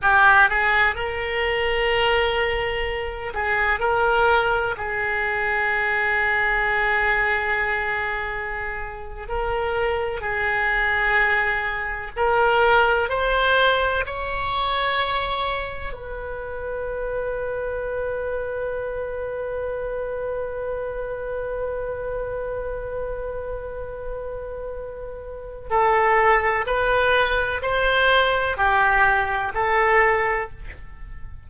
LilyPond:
\new Staff \with { instrumentName = "oboe" } { \time 4/4 \tempo 4 = 63 g'8 gis'8 ais'2~ ais'8 gis'8 | ais'4 gis'2.~ | gis'4.~ gis'16 ais'4 gis'4~ gis'16~ | gis'8. ais'4 c''4 cis''4~ cis''16~ |
cis''8. b'2.~ b'16~ | b'1~ | b'2. a'4 | b'4 c''4 g'4 a'4 | }